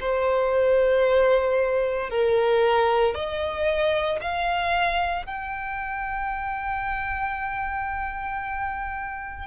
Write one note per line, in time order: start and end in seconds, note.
0.00 2.10 C5
2.10 3.14 A#4
3.14 4.20 D#5
4.21 5.26 F5
5.26 9.47 G5